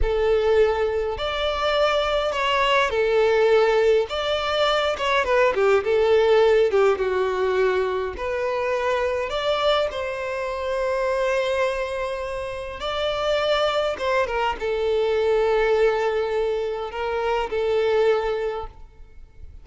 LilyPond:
\new Staff \with { instrumentName = "violin" } { \time 4/4 \tempo 4 = 103 a'2 d''2 | cis''4 a'2 d''4~ | d''8 cis''8 b'8 g'8 a'4. g'8 | fis'2 b'2 |
d''4 c''2.~ | c''2 d''2 | c''8 ais'8 a'2.~ | a'4 ais'4 a'2 | }